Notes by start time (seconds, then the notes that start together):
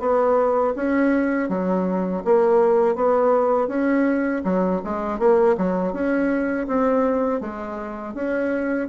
0.00 B3
0.76 C#4
1.49 F#3
2.25 A#3
2.96 B3
3.68 C#4
4.44 F#3
4.84 G#3
5.19 A#3
5.58 F#3
5.93 C#4
6.67 C4
7.41 G#3
8.14 C#4